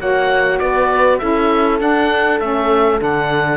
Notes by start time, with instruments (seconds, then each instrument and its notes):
0.00 cello A#3, saxophone F#4, horn C#5, oboe F#5
0.59 cello B3, horn B4, oboe D5
1.19 cello C#4, saxophone E4, horn A4, oboe E5
1.79 saxophone D4, cello D4, oboe F#5
2.40 cello A3, saxophone C#4, oboe E5
2.99 cello D3, saxophone D4, oboe F#5